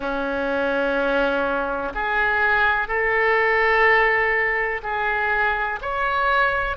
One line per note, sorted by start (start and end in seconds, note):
0.00 1.93 C#4
1.94 2.88 G#4
2.88 4.81 A4
4.82 5.79 G#4
5.81 6.76 C#5